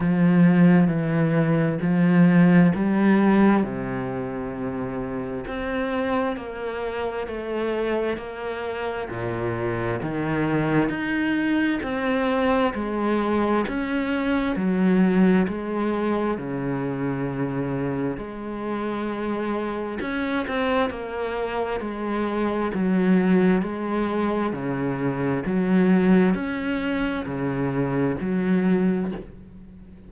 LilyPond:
\new Staff \with { instrumentName = "cello" } { \time 4/4 \tempo 4 = 66 f4 e4 f4 g4 | c2 c'4 ais4 | a4 ais4 ais,4 dis4 | dis'4 c'4 gis4 cis'4 |
fis4 gis4 cis2 | gis2 cis'8 c'8 ais4 | gis4 fis4 gis4 cis4 | fis4 cis'4 cis4 fis4 | }